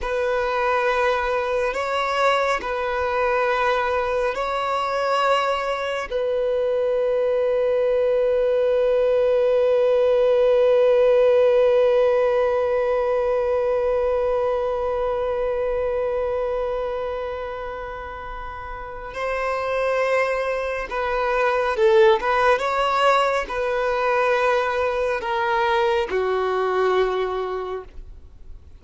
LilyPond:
\new Staff \with { instrumentName = "violin" } { \time 4/4 \tempo 4 = 69 b'2 cis''4 b'4~ | b'4 cis''2 b'4~ | b'1~ | b'1~ |
b'1~ | b'2 c''2 | b'4 a'8 b'8 cis''4 b'4~ | b'4 ais'4 fis'2 | }